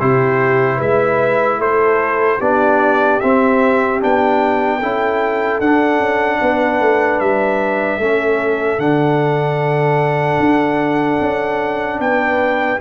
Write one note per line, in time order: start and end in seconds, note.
0.00 0.79 C3
0.00 2.40 E4
0.00 0.77 G4
0.00 0.80 C5
0.77 1.58 G#3
0.77 1.57 B4
0.77 1.61 E5
1.58 2.38 A3
1.58 2.38 A4
1.58 2.41 C5
2.38 3.21 B3
2.38 3.21 D4
2.38 4.78 G4
2.38 3.20 D5
3.20 4.00 C4
3.20 4.03 C4
3.20 4.00 E5
4.00 4.82 B3
4.00 4.80 D4
4.00 5.61 G5
4.79 5.60 C#4
4.79 5.62 E4
4.79 6.39 A4
5.60 5.99 D4
5.60 8.01 D4
5.60 7.19 F#5
5.99 6.39 C#4
6.42 6.80 B3
6.42 8.02 B4
6.80 7.20 A3
7.19 7.98 G3
7.19 8.79 E5
7.98 8.78 A3
7.98 8.79 C#4
7.98 12.02 A4
8.78 10.38 D3
8.78 12.79 D4
8.78 11.99 F#5
10.39 11.19 D4
11.21 12.00 C#4
12.00 12.80 B3
12.00 12.81 B4
12.00 12.81 G5